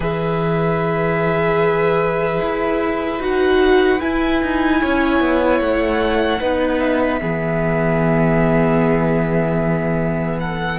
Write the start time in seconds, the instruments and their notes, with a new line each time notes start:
0.00 cello E3, viola G#4, violin B4 E5
2.40 cello E4
3.19 cello D#4, viola F#4, violin F#5
4.00 viola E4, cello E4, violin G#5
4.42 cello D#4
4.80 cello C#4, violin C#5
5.20 cello B3
5.60 cello A3, violin F#5
6.40 cello B3, viola D#4, violin B4
6.79 violin E5
7.20 cello E3, viola B3, violin G#4
10.39 violin A4 F#5